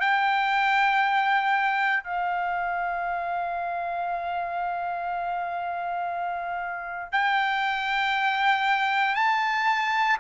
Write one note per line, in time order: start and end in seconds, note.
0.00 2.03 G5
2.03 7.12 F5
7.12 9.15 G5
9.15 10.17 A5